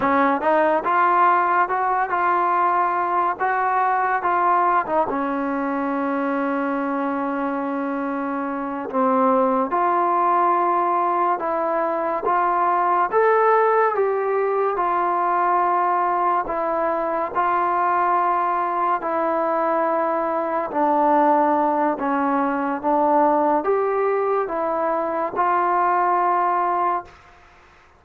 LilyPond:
\new Staff \with { instrumentName = "trombone" } { \time 4/4 \tempo 4 = 71 cis'8 dis'8 f'4 fis'8 f'4. | fis'4 f'8. dis'16 cis'2~ | cis'2~ cis'8 c'4 f'8~ | f'4. e'4 f'4 a'8~ |
a'8 g'4 f'2 e'8~ | e'8 f'2 e'4.~ | e'8 d'4. cis'4 d'4 | g'4 e'4 f'2 | }